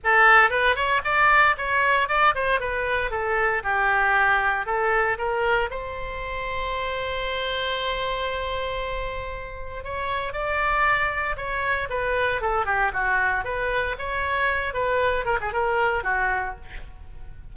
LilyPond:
\new Staff \with { instrumentName = "oboe" } { \time 4/4 \tempo 4 = 116 a'4 b'8 cis''8 d''4 cis''4 | d''8 c''8 b'4 a'4 g'4~ | g'4 a'4 ais'4 c''4~ | c''1~ |
c''2. cis''4 | d''2 cis''4 b'4 | a'8 g'8 fis'4 b'4 cis''4~ | cis''8 b'4 ais'16 gis'16 ais'4 fis'4 | }